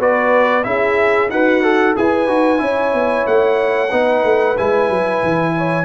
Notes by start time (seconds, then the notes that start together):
0.00 B3 F#4 B4 D5
0.63 C#4 E4 G#4 E5
1.29 D#4 F#4 B4 F#5
1.63 A4
1.96 E4 G#4 B4 G#5
2.28 D#4 F#4
2.58 C#4 E4 C#5
2.93 B3
3.27 A3 F#5
3.91 B3 D#4 B4
4.24 A3
4.58 G#3 E4 G#5
4.89 F#3
5.23 E3
5.58 C#5